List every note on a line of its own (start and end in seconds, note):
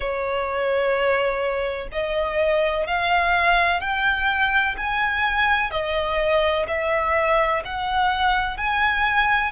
0.00 1.88 C#5
1.92 2.87 D#5
2.87 3.80 F5
3.80 4.75 G5
4.77 5.70 G#5
5.70 6.65 D#5
6.67 7.62 E5
7.65 8.57 F#5
8.57 9.52 G#5